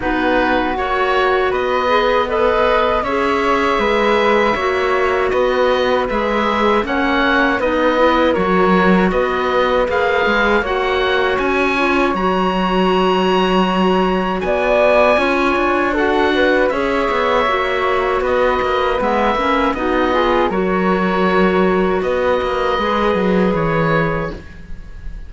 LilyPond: <<
  \new Staff \with { instrumentName = "oboe" } { \time 4/4 \tempo 4 = 79 b'4 cis''4 dis''4 b'4 | e''2. dis''4 | e''4 fis''4 dis''4 cis''4 | dis''4 f''4 fis''4 gis''4 |
ais''2. gis''4~ | gis''4 fis''4 e''2 | dis''4 e''4 dis''4 cis''4~ | cis''4 dis''2 cis''4 | }
  \new Staff \with { instrumentName = "flute" } { \time 4/4 fis'2 b'4 dis''4 | cis''4 b'4 cis''4 b'4~ | b'4 cis''4 b'4 ais'4 | b'2 cis''2~ |
cis''2. d''4 | cis''4 a'8 b'8 cis''2 | b'2 fis'8 gis'8 ais'4~ | ais'4 b'2. | }
  \new Staff \with { instrumentName = "clarinet" } { \time 4/4 dis'4 fis'4. gis'8 a'4 | gis'2 fis'2 | gis'4 cis'4 dis'8 e'8 fis'4~ | fis'4 gis'4 fis'4. f'8 |
fis'1 | f'4 fis'4 gis'4 fis'4~ | fis'4 b8 cis'8 dis'8 f'8 fis'4~ | fis'2 gis'2 | }
  \new Staff \with { instrumentName = "cello" } { \time 4/4 b4 ais4 b2 | cis'4 gis4 ais4 b4 | gis4 ais4 b4 fis4 | b4 ais8 gis8 ais4 cis'4 |
fis2. b4 | cis'8 d'4. cis'8 b8 ais4 | b8 ais8 gis8 ais8 b4 fis4~ | fis4 b8 ais8 gis8 fis8 e4 | }
>>